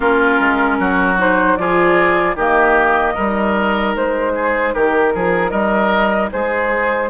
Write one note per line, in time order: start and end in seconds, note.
0.00 0.39 A#3
0.00 1.17 C#4
0.00 0.77 F4
0.00 1.19 A#4
0.39 0.79 G#3
0.79 1.57 F#3
0.79 1.58 F#4
1.18 1.57 D#4
1.18 1.57 C5
1.57 2.35 F3
1.57 2.36 F4
1.57 2.36 G#4
1.57 2.36 D5
2.35 3.14 D#3
2.35 3.17 A#3
2.35 3.14 G4
2.35 3.95 D#5
3.14 3.95 G3
3.14 7.10 D#4
3.14 4.32 A#4
3.95 4.74 G#3
3.95 4.74 C5
4.35 4.74 G#4
4.74 5.14 D#3
4.74 5.13 G4
4.74 5.50 A#4
5.14 5.51 F3
5.14 5.50 G#4
5.50 6.30 G3
5.50 6.29 A#4
5.50 6.29 D#5
6.32 7.10 G#3
6.32 7.10 G#4
6.32 7.10 C5